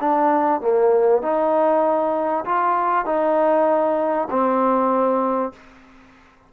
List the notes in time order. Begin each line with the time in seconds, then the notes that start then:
0.00 D4
0.61 A#3
1.22 D#4
2.45 F4
3.06 D#4
4.30 C4